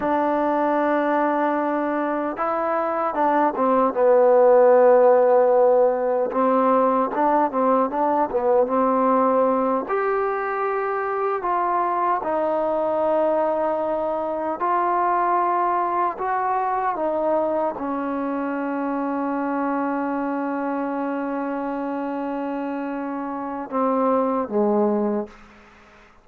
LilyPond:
\new Staff \with { instrumentName = "trombone" } { \time 4/4 \tempo 4 = 76 d'2. e'4 | d'8 c'8 b2. | c'4 d'8 c'8 d'8 b8 c'4~ | c'8 g'2 f'4 dis'8~ |
dis'2~ dis'8 f'4.~ | f'8 fis'4 dis'4 cis'4.~ | cis'1~ | cis'2 c'4 gis4 | }